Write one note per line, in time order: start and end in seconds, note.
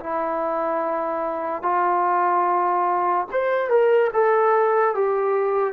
0.00 1.62 E4
1.62 3.27 F4
3.31 3.69 C5
3.69 4.11 A#4
4.13 4.95 A4
4.95 5.73 G4